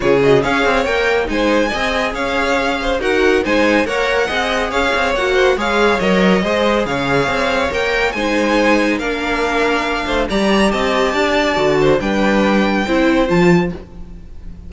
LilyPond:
<<
  \new Staff \with { instrumentName = "violin" } { \time 4/4 \tempo 4 = 140 cis''8 dis''8 f''4 g''4 gis''4~ | gis''4 f''2 fis''4 | gis''4 fis''2 f''4 | fis''4 f''4 dis''2 |
f''2 g''4 gis''4~ | gis''4 f''2. | ais''4 a''2. | g''2. a''4 | }
  \new Staff \with { instrumentName = "violin" } { \time 4/4 gis'4 cis''2 c''4 | dis''4 cis''4. c''8 ais'4 | c''4 cis''4 dis''4 cis''4~ | cis''8 c''8 cis''2 c''4 |
cis''2. c''4~ | c''4 ais'2~ ais'8 c''8 | d''4 dis''4 d''4. c''8 | b'2 c''2 | }
  \new Staff \with { instrumentName = "viola" } { \time 4/4 f'8 fis'8 gis'4 ais'4 dis'4 | gis'2. fis'4 | dis'4 ais'4 gis'2 | fis'4 gis'4 ais'4 gis'4~ |
gis'2 ais'4 dis'4~ | dis'4 d'2. | g'2. fis'4 | d'2 e'4 f'4 | }
  \new Staff \with { instrumentName = "cello" } { \time 4/4 cis4 cis'8 c'8 ais4 gis4 | c'4 cis'2 dis'4 | gis4 ais4 c'4 cis'8 c'8 | ais4 gis4 fis4 gis4 |
cis4 c'4 ais4 gis4~ | gis4 ais2~ ais8 a8 | g4 c'4 d'4 d4 | g2 c'4 f4 | }
>>